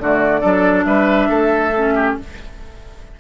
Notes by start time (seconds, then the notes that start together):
0.00 D3 A3 F#4 D5
0.41 F#3 D4 A4
0.84 G3 B4 E5
1.29 A3 A4
1.77 C#4
1.95 G4